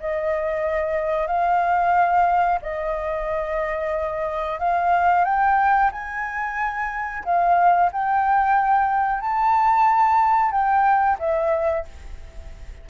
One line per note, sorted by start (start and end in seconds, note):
0.00 1.27 D#5
1.27 2.59 F5
2.62 4.59 D#5
4.59 5.25 F5
5.25 5.91 G5
5.92 7.24 G#5
7.25 7.91 F5
7.92 9.21 G5
9.21 10.51 A5
10.51 11.17 G5
11.19 11.85 E5